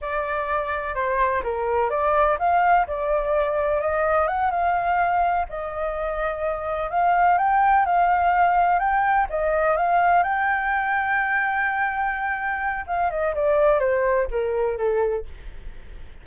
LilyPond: \new Staff \with { instrumentName = "flute" } { \time 4/4 \tempo 4 = 126 d''2 c''4 ais'4 | d''4 f''4 d''2 | dis''4 fis''8 f''2 dis''8~ | dis''2~ dis''8 f''4 g''8~ |
g''8 f''2 g''4 dis''8~ | dis''8 f''4 g''2~ g''8~ | g''2. f''8 dis''8 | d''4 c''4 ais'4 a'4 | }